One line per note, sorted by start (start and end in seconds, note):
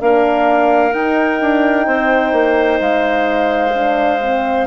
0.00 0.93 A#3
0.00 0.91 D4
0.00 1.86 A#4
0.00 0.93 F5
0.91 3.73 D#4
0.91 1.40 D#4
0.91 2.80 G5
1.41 1.87 D4
1.86 2.32 C4
1.86 4.67 C5
2.32 2.79 A#3
2.80 4.67 G#3
2.80 4.67 F5
3.74 4.21 D4
4.21 4.67 C4